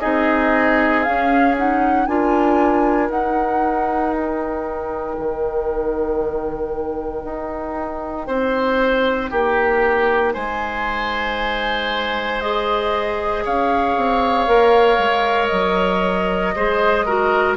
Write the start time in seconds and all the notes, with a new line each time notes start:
0.00 C4 D#4 G#4 D#5
1.03 C#4 F5
1.57 D#4 F#5
2.06 D4 F4 A#4 G#5
3.09 D#4 F#5
4.13 G5
5.19 D#3
7.24 D#4
8.27 C4 C5
9.31 A#3 G4
10.33 G#3 C5 G#5
12.40 G#4 D#5
13.45 C#4 C#5 F5
13.97 C4
14.47 A#3 A#4
14.98 G#3
15.47 F#3 D#5
16.56 G#3 G#4 C5
17.05 F#4 A#4